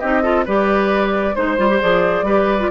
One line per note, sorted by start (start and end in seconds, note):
0.00 0.47 C4
0.00 0.23 D#4
0.00 0.22 G4
0.00 0.45 D#5
0.22 0.46 F4
0.22 0.45 A4
0.46 1.36 G3
0.46 1.35 G4
0.46 1.36 B4
0.46 1.36 D5
1.35 1.59 G#3
1.35 1.58 D#4
1.35 2.26 C5
1.35 1.81 C5
1.58 1.81 G3
1.58 1.70 F4
1.70 1.81 G4
1.82 2.22 F3
1.82 2.26 G#4
1.82 2.71 D5
2.22 2.68 G3
2.22 2.60 G4
2.22 2.71 B4
2.60 2.71 F4